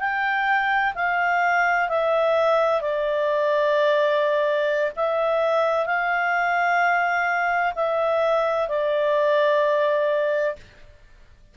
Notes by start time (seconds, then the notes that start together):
0.00 G5
0.95 F5
1.89 E5
2.81 D5
4.96 E5
5.86 F5
7.76 E5
8.69 D5